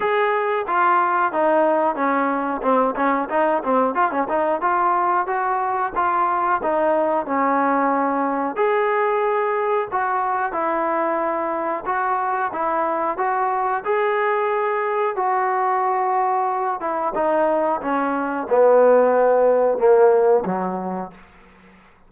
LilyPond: \new Staff \with { instrumentName = "trombone" } { \time 4/4 \tempo 4 = 91 gis'4 f'4 dis'4 cis'4 | c'8 cis'8 dis'8 c'8 f'16 cis'16 dis'8 f'4 | fis'4 f'4 dis'4 cis'4~ | cis'4 gis'2 fis'4 |
e'2 fis'4 e'4 | fis'4 gis'2 fis'4~ | fis'4. e'8 dis'4 cis'4 | b2 ais4 fis4 | }